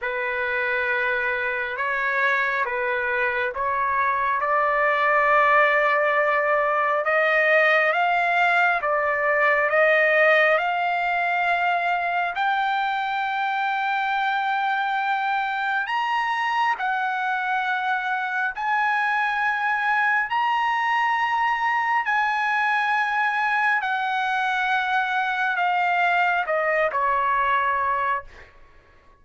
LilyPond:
\new Staff \with { instrumentName = "trumpet" } { \time 4/4 \tempo 4 = 68 b'2 cis''4 b'4 | cis''4 d''2. | dis''4 f''4 d''4 dis''4 | f''2 g''2~ |
g''2 ais''4 fis''4~ | fis''4 gis''2 ais''4~ | ais''4 gis''2 fis''4~ | fis''4 f''4 dis''8 cis''4. | }